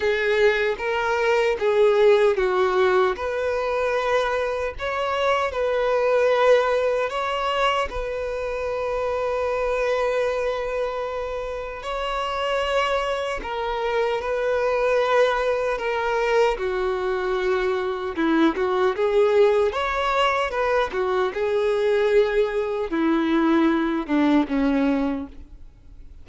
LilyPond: \new Staff \with { instrumentName = "violin" } { \time 4/4 \tempo 4 = 76 gis'4 ais'4 gis'4 fis'4 | b'2 cis''4 b'4~ | b'4 cis''4 b'2~ | b'2. cis''4~ |
cis''4 ais'4 b'2 | ais'4 fis'2 e'8 fis'8 | gis'4 cis''4 b'8 fis'8 gis'4~ | gis'4 e'4. d'8 cis'4 | }